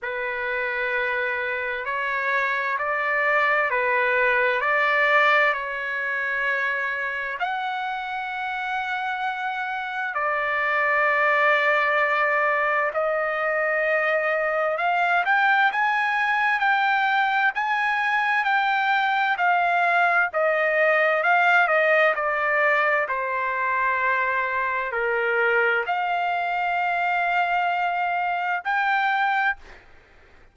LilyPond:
\new Staff \with { instrumentName = "trumpet" } { \time 4/4 \tempo 4 = 65 b'2 cis''4 d''4 | b'4 d''4 cis''2 | fis''2. d''4~ | d''2 dis''2 |
f''8 g''8 gis''4 g''4 gis''4 | g''4 f''4 dis''4 f''8 dis''8 | d''4 c''2 ais'4 | f''2. g''4 | }